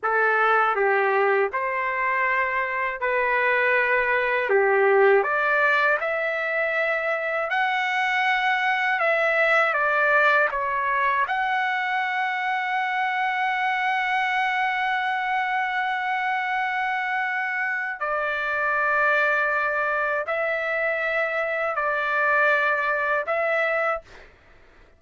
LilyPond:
\new Staff \with { instrumentName = "trumpet" } { \time 4/4 \tempo 4 = 80 a'4 g'4 c''2 | b'2 g'4 d''4 | e''2 fis''2 | e''4 d''4 cis''4 fis''4~ |
fis''1~ | fis''1 | d''2. e''4~ | e''4 d''2 e''4 | }